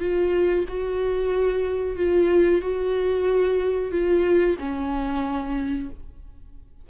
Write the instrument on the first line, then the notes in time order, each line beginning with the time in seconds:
viola
0.00 F4
0.68 F#4
1.97 F4
2.61 F#4
3.92 F4
4.59 C#4